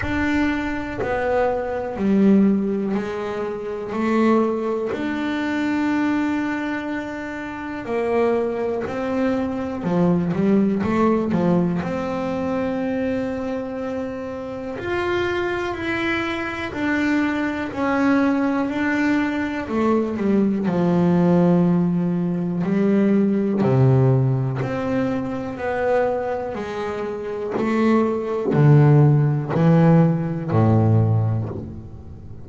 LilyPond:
\new Staff \with { instrumentName = "double bass" } { \time 4/4 \tempo 4 = 61 d'4 b4 g4 gis4 | a4 d'2. | ais4 c'4 f8 g8 a8 f8 | c'2. f'4 |
e'4 d'4 cis'4 d'4 | a8 g8 f2 g4 | c4 c'4 b4 gis4 | a4 d4 e4 a,4 | }